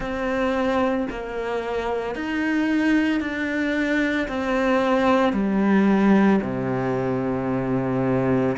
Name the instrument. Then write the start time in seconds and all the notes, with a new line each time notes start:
cello
0.00 C4
1.10 A#3
2.15 D#4
3.20 D4
4.28 C4
5.32 G3
6.42 C3